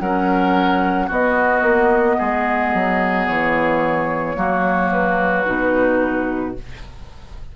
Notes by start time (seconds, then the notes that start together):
0.00 F#3 C#4 A#4 F#5
1.07 B3 F#4 D#5
1.62 A#3
2.18 G#3 G#4
2.74 F#3
3.27 E3 C#5
4.36 F#3 A#3 F#4
4.92 B4
5.46 B2 D#4